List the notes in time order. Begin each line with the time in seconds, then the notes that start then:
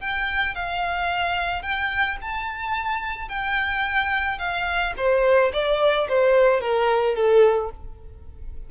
0.00 G5
0.55 F5
1.62 G5
2.21 A5
3.28 G5
4.38 F5
4.97 C5
5.53 D5
6.08 C5
6.61 A#4
7.15 A4